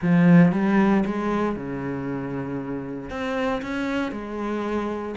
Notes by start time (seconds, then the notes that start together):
0.02 F3
0.52 G3
1.05 G#3
1.55 C#3
3.10 C4
3.62 C#4
4.11 G#3